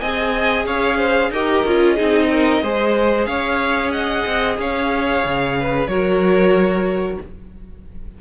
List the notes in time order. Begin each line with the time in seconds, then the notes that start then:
0.00 C4 G#4 D#5 G#5
0.66 C#4 C#5 F5
0.97 C5
1.30 D#4 G4 A#4 D#5
1.66 C#4 F4
1.95 C4 D#4 G#4
2.30 A#4
2.62 G#3 G#4 C5
3.25 C#4 C#5 F5
3.91 D#5 F#5
4.25 C4
4.59 C#4 C#5 F5
5.24 C#3
5.59 B4
5.87 F#3 F#4 A#4 C#5